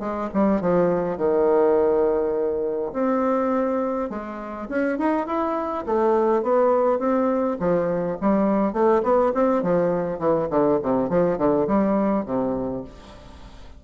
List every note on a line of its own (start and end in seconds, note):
0.00 0.29 G#3
0.34 0.61 G3
0.61 1.18 F3
1.18 2.92 D#3
2.93 4.10 C4
4.10 4.68 G#3
4.69 4.98 C#4
4.98 5.26 D#4
5.26 5.85 E4
5.86 6.43 A3
6.43 6.99 B3
6.99 7.57 C4
7.59 8.17 F3
8.21 8.73 G3
8.73 9.02 A3
9.03 9.32 B3
9.34 9.62 C4
9.62 10.19 F3
10.19 10.48 E3
10.50 10.79 D3
10.82 11.09 C3
11.09 11.38 F3
11.38 11.67 D3
11.67 12.25 G3
12.25 12.84 C3